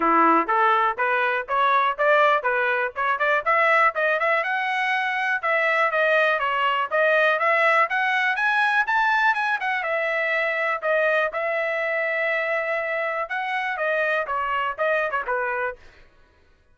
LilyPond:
\new Staff \with { instrumentName = "trumpet" } { \time 4/4 \tempo 4 = 122 e'4 a'4 b'4 cis''4 | d''4 b'4 cis''8 d''8 e''4 | dis''8 e''8 fis''2 e''4 | dis''4 cis''4 dis''4 e''4 |
fis''4 gis''4 a''4 gis''8 fis''8 | e''2 dis''4 e''4~ | e''2. fis''4 | dis''4 cis''4 dis''8. cis''16 b'4 | }